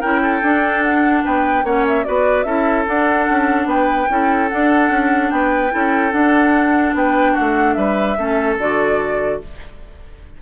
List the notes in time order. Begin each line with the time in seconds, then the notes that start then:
0.00 C#4 E4 A#4 G5
0.22 A4
0.42 D4
0.83 F#5
1.24 B3 B4 G5
1.63 A#3 C#4 C#5 F#5
1.87 E5
2.04 B3 F#4 B4 D5
2.43 C#4 E4 A4 E5
2.85 D4 F#5
3.29 C#4
3.65 B3 B4 G5
4.09 C#4 E4 A4
4.48 D4 F#5
4.90 C#4
5.30 B3 B4 G5
5.70 C#4 E4 A4
6.12 D4 F#5
6.94 B3 B4 G5
7.32 F#4 F#5
7.40 A3
7.73 G3 B4 E5
8.16 A3 C#4 A4
8.58 D3 F#4 D5